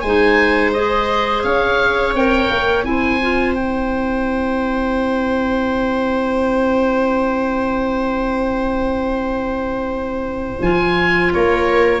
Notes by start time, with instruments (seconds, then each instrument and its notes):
0.00 tuba G#3, viola C5, oboe G#5
0.06 clarinet D#4
0.73 clarinet G#4, oboe D#5
1.43 tuba C#4, viola C#5, oboe F5
2.14 tuba C4, clarinet A#4, oboe G5
2.49 tuba A#3
2.82 tuba C4, clarinet E4, oboe G#5
2.89 viola C5
3.21 clarinet F4
3.54 clarinet E4, oboe G5
10.61 tuba F3, clarinet F4, oboe G#5
11.33 tuba A#3, viola A#4, oboe C#5